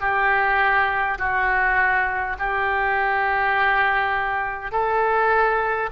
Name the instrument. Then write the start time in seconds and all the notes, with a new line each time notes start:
oboe
0.00 G4
1.18 F#4
2.39 G4
4.72 A4